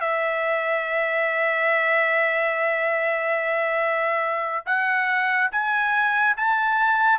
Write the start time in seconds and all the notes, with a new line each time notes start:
0.00 E5
4.66 F#5
5.51 G#5
6.36 A5